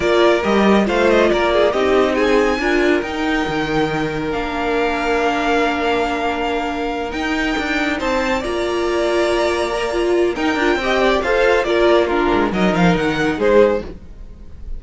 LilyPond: <<
  \new Staff \with { instrumentName = "violin" } { \time 4/4 \tempo 4 = 139 d''4 dis''4 f''8 dis''8 d''4 | dis''4 gis''2 g''4~ | g''2 f''2~ | f''1~ |
f''8 g''2 a''4 ais''8~ | ais''1 | g''2 f''4 d''4 | ais'4 dis''8 f''8 fis''4 c''4 | }
  \new Staff \with { instrumentName = "violin" } { \time 4/4 ais'2 c''4 ais'8 gis'8 | g'4 gis'4 ais'2~ | ais'1~ | ais'1~ |
ais'2~ ais'8 c''4 d''8~ | d''1 | ais'4 dis''8 d''8 c''4 ais'4 | f'4 ais'2 gis'4 | }
  \new Staff \with { instrumentName = "viola" } { \time 4/4 f'4 g'4 f'2 | dis'2 f'4 dis'4~ | dis'2 d'2~ | d'1~ |
d'8 dis'2. f'8~ | f'2~ f'8 ais'8 f'4 | dis'8 f'8 g'4 a'4 f'4 | d'4 dis'2. | }
  \new Staff \with { instrumentName = "cello" } { \time 4/4 ais4 g4 a4 ais4 | c'2 d'4 dis'4 | dis2 ais2~ | ais1~ |
ais8 dis'4 d'4 c'4 ais8~ | ais1 | dis'8 d'8 c'4 f'4 ais4~ | ais8 gis8 fis8 f8 dis4 gis4 | }
>>